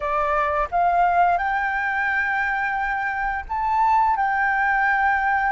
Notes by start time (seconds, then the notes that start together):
0.00 D5
0.71 F5
1.38 G5
3.48 A5
4.16 G5